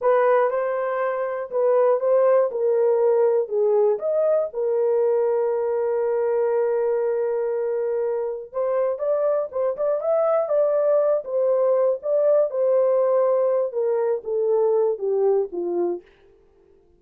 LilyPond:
\new Staff \with { instrumentName = "horn" } { \time 4/4 \tempo 4 = 120 b'4 c''2 b'4 | c''4 ais'2 gis'4 | dis''4 ais'2.~ | ais'1~ |
ais'4 c''4 d''4 c''8 d''8 | e''4 d''4. c''4. | d''4 c''2~ c''8 ais'8~ | ais'8 a'4. g'4 f'4 | }